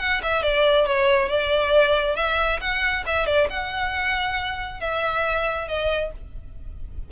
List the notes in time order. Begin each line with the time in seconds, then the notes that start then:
0.00 F#5
0.23 E5
0.43 D5
0.87 C#5
1.29 D5
2.16 E5
2.61 F#5
3.07 E5
3.26 D5
3.50 F#5
4.81 E5
5.68 D#5